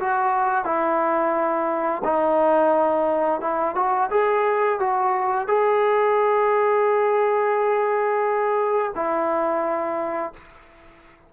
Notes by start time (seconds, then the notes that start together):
0.00 F#4
0.65 E4
2.04 D#4
3.41 E4
3.76 F#4
4.11 G#4
4.80 F#4
5.48 G#4
8.95 E4